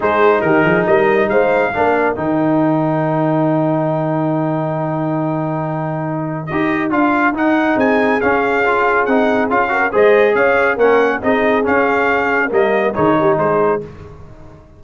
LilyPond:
<<
  \new Staff \with { instrumentName = "trumpet" } { \time 4/4 \tempo 4 = 139 c''4 ais'4 dis''4 f''4~ | f''4 g''2.~ | g''1~ | g''2. dis''4 |
f''4 fis''4 gis''4 f''4~ | f''4 fis''4 f''4 dis''4 | f''4 fis''4 dis''4 f''4~ | f''4 dis''4 cis''4 c''4 | }
  \new Staff \with { instrumentName = "horn" } { \time 4/4 gis'4 g'8 gis'8 ais'4 c''4 | ais'1~ | ais'1~ | ais'1~ |
ais'2 gis'2~ | gis'2~ gis'8 ais'8 c''4 | cis''4 ais'4 gis'2~ | gis'4 ais'4 gis'8 g'8 gis'4 | }
  \new Staff \with { instrumentName = "trombone" } { \time 4/4 dis'1 | d'4 dis'2.~ | dis'1~ | dis'2. g'4 |
f'4 dis'2 cis'4 | f'4 dis'4 f'8 fis'8 gis'4~ | gis'4 cis'4 dis'4 cis'4~ | cis'4 ais4 dis'2 | }
  \new Staff \with { instrumentName = "tuba" } { \time 4/4 gis4 dis8 f8 g4 gis4 | ais4 dis2.~ | dis1~ | dis2. dis'4 |
d'4 dis'4 c'4 cis'4~ | cis'4 c'4 cis'4 gis4 | cis'4 ais4 c'4 cis'4~ | cis'4 g4 dis4 gis4 | }
>>